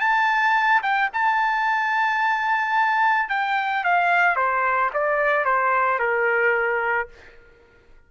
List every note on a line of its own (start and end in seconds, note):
0.00 0.82 A5
0.82 1.10 G5
1.13 3.29 A5
3.29 3.84 G5
3.84 4.36 F5
4.36 4.90 C5
4.94 5.45 D5
5.45 5.99 C5
5.99 7.08 A#4